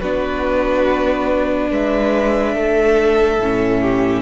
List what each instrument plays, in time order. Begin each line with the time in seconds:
0.00 cello B3, viola D4, violin F#4 B4
1.70 cello G#3, violin B4 E5
2.54 cello A3, violin A4
3.39 cello A2, viola C#4
3.81 violin G4